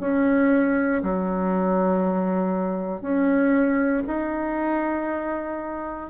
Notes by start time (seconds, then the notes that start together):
0.00 C#4
1.02 F#3
3.01 C#4
4.07 D#4